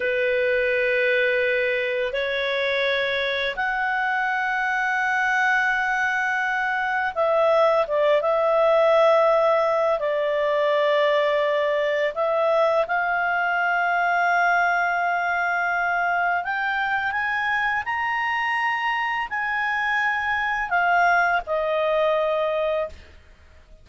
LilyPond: \new Staff \with { instrumentName = "clarinet" } { \time 4/4 \tempo 4 = 84 b'2. cis''4~ | cis''4 fis''2.~ | fis''2 e''4 d''8 e''8~ | e''2 d''2~ |
d''4 e''4 f''2~ | f''2. g''4 | gis''4 ais''2 gis''4~ | gis''4 f''4 dis''2 | }